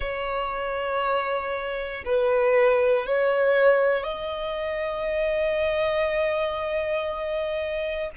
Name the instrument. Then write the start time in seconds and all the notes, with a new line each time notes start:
violin
0.00 C#5
2.05 B4
3.06 C#5
4.03 D#5